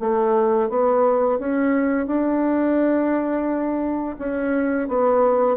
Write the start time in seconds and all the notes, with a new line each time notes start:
0.00 A3
0.69 B3
1.39 C#4
2.07 D4
4.19 C#4
4.88 B3